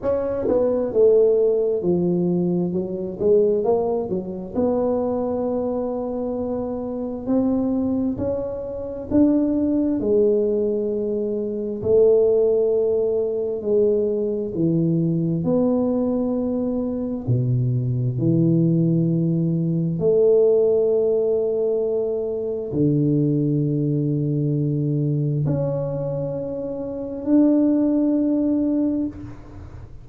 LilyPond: \new Staff \with { instrumentName = "tuba" } { \time 4/4 \tempo 4 = 66 cis'8 b8 a4 f4 fis8 gis8 | ais8 fis8 b2. | c'4 cis'4 d'4 gis4~ | gis4 a2 gis4 |
e4 b2 b,4 | e2 a2~ | a4 d2. | cis'2 d'2 | }